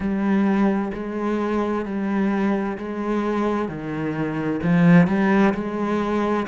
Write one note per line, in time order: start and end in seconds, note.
0.00 0.91 G3
0.93 1.85 G#3
1.85 2.77 G3
2.78 3.68 G#3
3.68 4.60 D#3
4.62 5.07 F3
5.07 5.53 G3
5.54 6.46 G#3